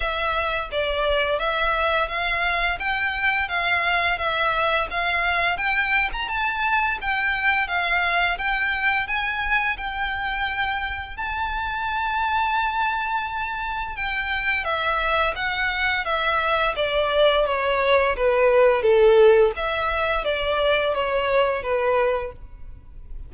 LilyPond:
\new Staff \with { instrumentName = "violin" } { \time 4/4 \tempo 4 = 86 e''4 d''4 e''4 f''4 | g''4 f''4 e''4 f''4 | g''8. ais''16 a''4 g''4 f''4 | g''4 gis''4 g''2 |
a''1 | g''4 e''4 fis''4 e''4 | d''4 cis''4 b'4 a'4 | e''4 d''4 cis''4 b'4 | }